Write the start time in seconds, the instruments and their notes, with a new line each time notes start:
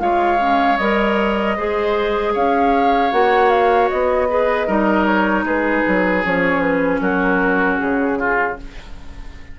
0.00 bassoon G#3, clarinet F4, oboe C#5, flute F5
0.39 clarinet C#4
0.78 bassoon G3, clarinet A#4, flute D#5
1.57 bassoon G#3, clarinet G#4, oboe C5
2.34 bassoon C#4, oboe C#5, flute F5
3.12 bassoon A#3, clarinet F#4, flute F#5
3.50 flute F5
3.90 bassoon B3, flute D#5
4.29 clarinet G#4, oboe B4
4.67 bassoon G3, clarinet D#4, oboe A#4
5.06 flute C#5
5.44 bassoon G#3, oboe G#4, flute B4
5.88 bassoon F#3
6.24 bassoon F3, clarinet C#4, flute C#5
6.61 flute B4
7.01 bassoon F#3, oboe F#4, flute A#4
7.79 bassoon C#3, flute G#4
8.19 oboe F4